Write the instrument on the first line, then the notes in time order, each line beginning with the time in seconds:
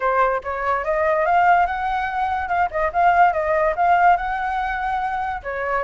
flute
0.00 C5
0.43 C#5
0.84 D#5
1.25 F5
1.66 F#5
2.48 F5
2.70 D#5
2.93 F5
3.32 D#5
3.76 F5
4.16 F#5
5.43 C#5